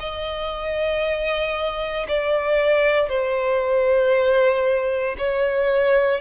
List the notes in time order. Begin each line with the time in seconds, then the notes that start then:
0.00 D#5
2.08 D5
3.09 C5
5.18 C#5